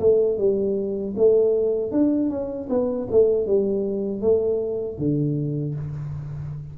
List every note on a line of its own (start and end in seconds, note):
0.00 0.38 A3
0.38 1.15 G3
1.17 1.92 A3
1.92 2.30 D4
2.30 2.68 C#4
2.69 3.08 B3
3.11 3.47 A3
3.47 4.21 G3
4.21 4.98 A3
4.98 5.75 D3